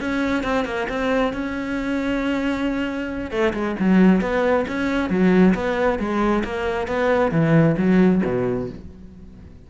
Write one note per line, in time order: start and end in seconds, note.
0.00 0.43 C#4
0.43 0.65 C4
0.65 0.87 A#3
0.89 1.33 C4
1.33 3.31 C#4
3.31 3.53 A3
3.53 3.76 G#3
3.79 4.21 F#3
4.21 4.65 B3
4.67 5.09 C#4
5.09 5.54 F#3
5.54 5.99 B3
5.99 6.43 G#3
6.44 6.87 A#3
6.87 7.31 B3
7.31 7.76 E3
7.77 8.22 F#3
8.25 8.69 B2